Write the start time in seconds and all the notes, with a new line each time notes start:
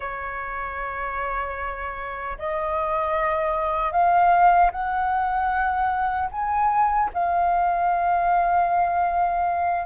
0.00 C#5
2.38 D#5
3.92 F5
4.71 F#5
6.31 G#5
7.13 F5